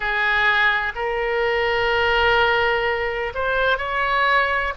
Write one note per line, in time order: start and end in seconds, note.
0.00 0.93 G#4
0.95 3.33 A#4
3.34 3.78 C5
3.78 4.73 C#5